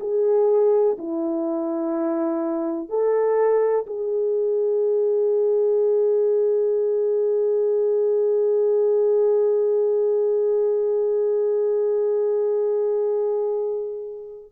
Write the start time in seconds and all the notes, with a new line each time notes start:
0.00 G#4
0.98 E4
2.89 A4
3.87 G#4